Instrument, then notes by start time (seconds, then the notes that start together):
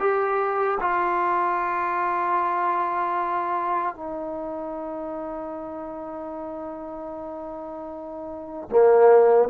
trombone
0.00 G4
0.80 F4
3.95 D#4
8.70 A#3